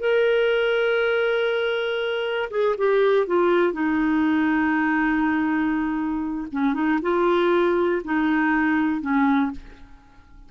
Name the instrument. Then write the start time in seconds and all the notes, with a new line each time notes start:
clarinet
0.00 A#4
2.51 G#4
2.78 G4
3.27 F4
3.73 D#4
6.52 C#4
6.74 D#4
7.02 F4
8.05 D#4
9.01 C#4